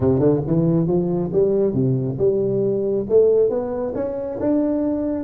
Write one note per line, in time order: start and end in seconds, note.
0.00 0.19 C3
0.19 0.41 D3
0.46 0.87 E3
0.87 1.31 F3
1.32 1.73 G3
1.73 2.17 C3
2.18 3.06 G3
3.09 3.49 A3
3.49 3.93 B3
3.95 4.38 C#4
4.40 5.23 D4